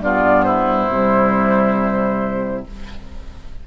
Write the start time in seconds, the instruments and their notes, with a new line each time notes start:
0.00 bassoon G2, clarinet B3, oboe F4, flute D5
0.43 oboe E4, flute C5
0.89 bassoon C3, clarinet G3